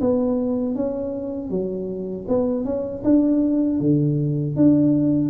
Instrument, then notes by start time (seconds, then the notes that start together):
tuba
0.00 B3
0.75 C#4
1.50 F#3
2.28 B3
2.65 C#4
3.04 D4
3.80 D3
4.56 D4